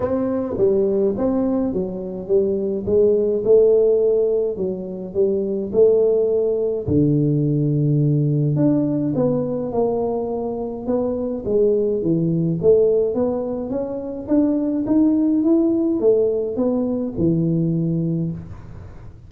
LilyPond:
\new Staff \with { instrumentName = "tuba" } { \time 4/4 \tempo 4 = 105 c'4 g4 c'4 fis4 | g4 gis4 a2 | fis4 g4 a2 | d2. d'4 |
b4 ais2 b4 | gis4 e4 a4 b4 | cis'4 d'4 dis'4 e'4 | a4 b4 e2 | }